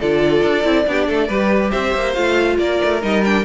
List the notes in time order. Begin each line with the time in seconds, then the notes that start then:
0.00 D3 F4 A4 D5
0.43 D4
0.64 C4 E4
0.87 B3 D4 G4
1.08 A3 A4
1.28 G3 G4 B4
1.71 C4 C5 E5
1.95 A#3
2.14 A3 F4 F5
2.59 A#3 A#4 D5
2.84 A3
3.02 G3 D#4 D#5
3.25 D4 G5